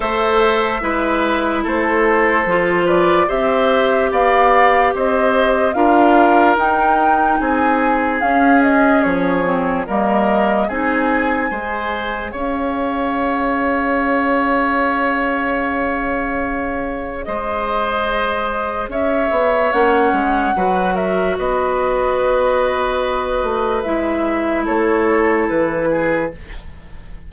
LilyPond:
<<
  \new Staff \with { instrumentName = "flute" } { \time 4/4 \tempo 4 = 73 e''2 c''4. d''8 | e''4 f''4 dis''4 f''4 | g''4 gis''4 f''8 dis''8 cis''4 | dis''4 gis''2 f''4~ |
f''1~ | f''4 dis''2 e''4 | fis''4. e''8 dis''2~ | dis''4 e''4 cis''4 b'4 | }
  \new Staff \with { instrumentName = "oboe" } { \time 4/4 c''4 b'4 a'4. b'8 | c''4 d''4 c''4 ais'4~ | ais'4 gis'2. | ais'4 gis'4 c''4 cis''4~ |
cis''1~ | cis''4 c''2 cis''4~ | cis''4 b'8 ais'8 b'2~ | b'2 a'4. gis'8 | }
  \new Staff \with { instrumentName = "clarinet" } { \time 4/4 a'4 e'2 f'4 | g'2. f'4 | dis'2 cis'4. c'8 | ais4 dis'4 gis'2~ |
gis'1~ | gis'1 | cis'4 fis'2.~ | fis'4 e'2. | }
  \new Staff \with { instrumentName = "bassoon" } { \time 4/4 a4 gis4 a4 f4 | c'4 b4 c'4 d'4 | dis'4 c'4 cis'4 f4 | g4 c'4 gis4 cis'4~ |
cis'1~ | cis'4 gis2 cis'8 b8 | ais8 gis8 fis4 b2~ | b8 a8 gis4 a4 e4 | }
>>